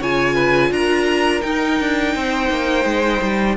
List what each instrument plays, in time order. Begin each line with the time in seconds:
0.00 cello C#3, viola F4, violin C#5 G#5
0.34 violin B4
0.71 cello D4, violin A#4 A#5
1.42 viola D#4, cello D#4, violin G5
1.80 cello D4
2.14 cello C4, violin C5
2.50 cello A#3
2.85 cello G#3
3.22 cello G3